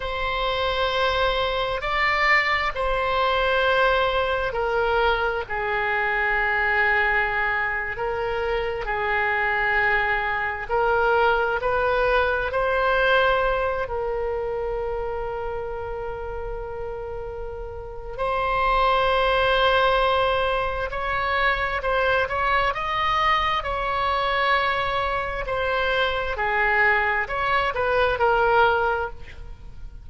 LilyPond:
\new Staff \with { instrumentName = "oboe" } { \time 4/4 \tempo 4 = 66 c''2 d''4 c''4~ | c''4 ais'4 gis'2~ | gis'8. ais'4 gis'2 ais'16~ | ais'8. b'4 c''4. ais'8.~ |
ais'1 | c''2. cis''4 | c''8 cis''8 dis''4 cis''2 | c''4 gis'4 cis''8 b'8 ais'4 | }